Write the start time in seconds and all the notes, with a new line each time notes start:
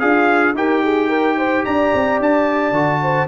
0.00 D4 F4 G#4 F5
0.54 D#4 G4 A#4 G5
0.84 G#4
1.09 A#4
1.38 C5
1.65 D4 D5 A#5
1.94 C4
2.20 D4 A5
2.72 D3 F#4
3.03 C5